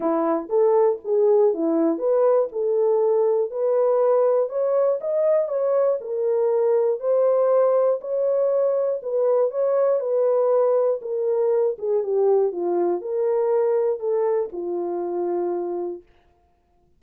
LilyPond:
\new Staff \with { instrumentName = "horn" } { \time 4/4 \tempo 4 = 120 e'4 a'4 gis'4 e'4 | b'4 a'2 b'4~ | b'4 cis''4 dis''4 cis''4 | ais'2 c''2 |
cis''2 b'4 cis''4 | b'2 ais'4. gis'8 | g'4 f'4 ais'2 | a'4 f'2. | }